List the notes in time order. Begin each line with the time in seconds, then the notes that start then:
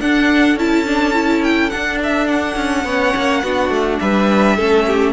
0.00 D4 A4 F#5
0.56 C#4 E4 A5
0.85 D4
1.13 E4
1.44 G5
1.70 D4 F#5
2.03 E5
2.28 F#5
2.56 C#4
2.85 B3 C#4 C#5
3.16 A#3
3.43 B3 D4 F#4
3.70 A3
3.99 G3 B4 E5
4.57 A3 C#4 A4
4.87 G4